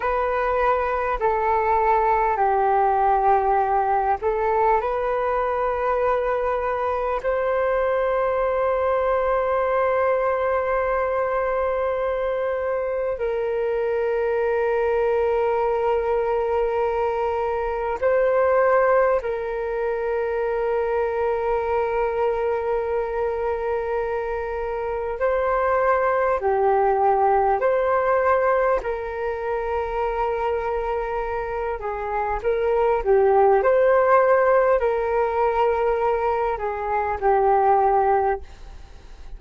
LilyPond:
\new Staff \with { instrumentName = "flute" } { \time 4/4 \tempo 4 = 50 b'4 a'4 g'4. a'8 | b'2 c''2~ | c''2. ais'4~ | ais'2. c''4 |
ais'1~ | ais'4 c''4 g'4 c''4 | ais'2~ ais'8 gis'8 ais'8 g'8 | c''4 ais'4. gis'8 g'4 | }